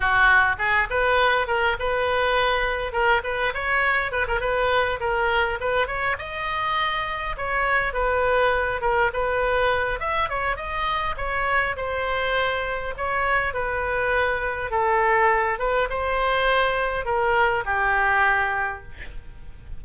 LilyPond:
\new Staff \with { instrumentName = "oboe" } { \time 4/4 \tempo 4 = 102 fis'4 gis'8 b'4 ais'8 b'4~ | b'4 ais'8 b'8 cis''4 b'16 ais'16 b'8~ | b'8 ais'4 b'8 cis''8 dis''4.~ | dis''8 cis''4 b'4. ais'8 b'8~ |
b'4 e''8 cis''8 dis''4 cis''4 | c''2 cis''4 b'4~ | b'4 a'4. b'8 c''4~ | c''4 ais'4 g'2 | }